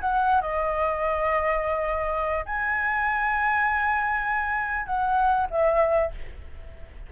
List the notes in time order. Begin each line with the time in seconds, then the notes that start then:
0.00 F#5
0.41 D#5
2.45 G#5
4.86 F#5
5.50 E5